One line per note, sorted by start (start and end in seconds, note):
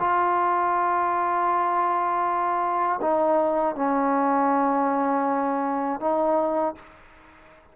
0.00 3.00 F4
3.01 3.75 D#4
3.75 6.00 C#4
6.00 6.75 D#4